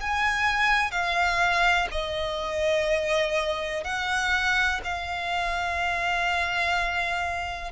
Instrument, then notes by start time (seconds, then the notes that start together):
violin
0.00 G#5
0.91 F5
1.91 D#5
3.84 F#5
4.84 F5